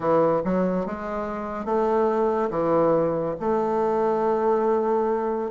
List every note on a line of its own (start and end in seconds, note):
0.00 0.41 E3
0.44 0.86 F#3
0.86 1.65 G#3
1.65 2.49 A3
2.50 3.35 E3
3.40 5.51 A3